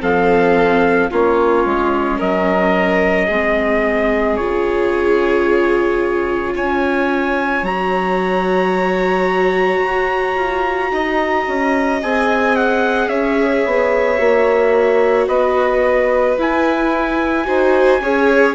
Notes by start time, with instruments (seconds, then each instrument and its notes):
0.00 bassoon F3, viola C4, violin A4, trumpet F5
1.10 bassoon A#3, viola C#4, violin F4, trumpet C#5
1.65 bassoon G#3
2.17 bassoon F#3, violin A#4, trumpet D#5
3.26 bassoon G#3, viola C4, violin G#4
4.36 bassoon C#3, viola F4, trumpet C#5
6.55 bassoon C#4, violin C#5, trumpet G#5
7.62 bassoon F#3, viola F#4, trumpet A#5
9.83 bassoon F#4
10.36 bassoon F4
10.92 bassoon D#4, violin D#5
11.47 bassoon C#4
12.02 bassoon C4, viola G#4, trumpet G#5
12.56 trumpet F#5
13.07 bassoon C#4, violin C#5, trumpet E5
13.65 bassoon B3
14.17 bassoon A#3, viola F#4
15.27 bassoon B3, violin B4, trumpet D#5
16.38 bassoon E4, viola E4, trumpet G#5
17.45 bassoon D#4, viola F#4, violin C5
18.01 bassoon C#4, viola G#4, violin C#5